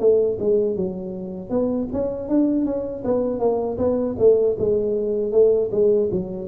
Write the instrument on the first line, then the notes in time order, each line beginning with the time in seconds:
tuba
0.00 A3
0.39 G#3
0.76 F#3
1.50 B3
1.93 C#4
2.29 D4
2.65 C#4
3.04 B3
3.40 A#3
3.78 B3
4.19 A3
4.58 G#3
5.32 A3
5.72 G#3
6.12 F#3